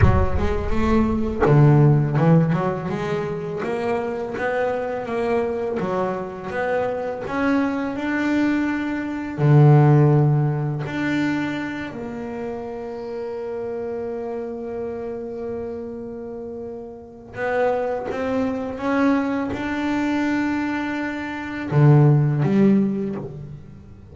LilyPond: \new Staff \with { instrumentName = "double bass" } { \time 4/4 \tempo 4 = 83 fis8 gis8 a4 d4 e8 fis8 | gis4 ais4 b4 ais4 | fis4 b4 cis'4 d'4~ | d'4 d2 d'4~ |
d'8 ais2.~ ais8~ | ais1 | b4 c'4 cis'4 d'4~ | d'2 d4 g4 | }